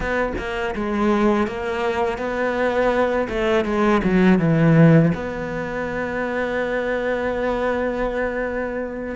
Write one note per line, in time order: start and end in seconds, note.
0.00 0.33 B3
0.38 0.74 A#3
0.75 1.47 G#3
1.47 2.18 A#3
2.18 3.27 B3
3.28 3.64 A3
3.64 4.01 G#3
4.03 4.39 F#3
4.39 5.12 E3
5.14 9.15 B3